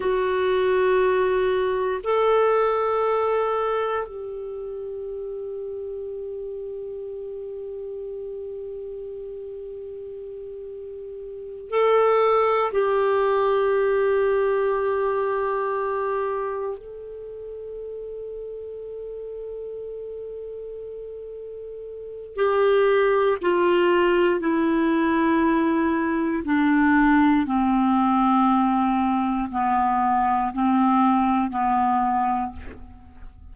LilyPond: \new Staff \with { instrumentName = "clarinet" } { \time 4/4 \tempo 4 = 59 fis'2 a'2 | g'1~ | g'2.~ g'8 a'8~ | a'8 g'2.~ g'8~ |
g'8 a'2.~ a'8~ | a'2 g'4 f'4 | e'2 d'4 c'4~ | c'4 b4 c'4 b4 | }